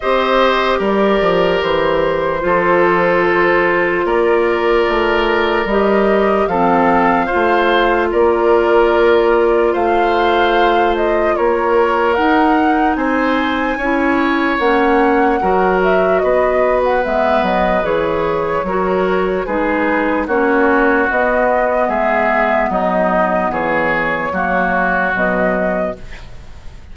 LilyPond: <<
  \new Staff \with { instrumentName = "flute" } { \time 4/4 \tempo 4 = 74 dis''4 d''4 c''2~ | c''4 d''2 dis''4 | f''2 d''2 | f''4. dis''8 cis''4 fis''4 |
gis''2 fis''4. e''8 | dis''8. fis''16 e''8 dis''8 cis''2 | b'4 cis''4 dis''4 e''4 | dis''4 cis''2 dis''4 | }
  \new Staff \with { instrumentName = "oboe" } { \time 4/4 c''4 ais'2 a'4~ | a'4 ais'2. | a'4 c''4 ais'2 | c''2 ais'2 |
c''4 cis''2 ais'4 | b'2. ais'4 | gis'4 fis'2 gis'4 | dis'4 gis'4 fis'2 | }
  \new Staff \with { instrumentName = "clarinet" } { \time 4/4 g'2. f'4~ | f'2. g'4 | c'4 f'2.~ | f'2. dis'4~ |
dis'4 e'4 cis'4 fis'4~ | fis'4 b4 gis'4 fis'4 | dis'4 cis'4 b2~ | b2 ais4 fis4 | }
  \new Staff \with { instrumentName = "bassoon" } { \time 4/4 c'4 g8 f8 e4 f4~ | f4 ais4 a4 g4 | f4 a4 ais2 | a2 ais4 dis'4 |
c'4 cis'4 ais4 fis4 | b4 gis8 fis8 e4 fis4 | gis4 ais4 b4 gis4 | fis4 e4 fis4 b,4 | }
>>